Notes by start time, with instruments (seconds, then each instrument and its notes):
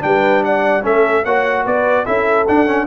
0.00 tuba G3, trombone D4, trumpet G5
0.06 horn B4
0.44 horn D5, trumpet F#5
0.83 tuba A3, trombone C#4, horn A4, trumpet E5
1.24 tuba A#3, trombone F#4, horn C#5, trumpet F#5
1.66 tuba B3, horn B4, trumpet D5
2.06 tuba C#4, trombone E4, horn A4, trumpet E5
2.48 trombone D4, tuba D4, trumpet F#5
2.67 trombone C#4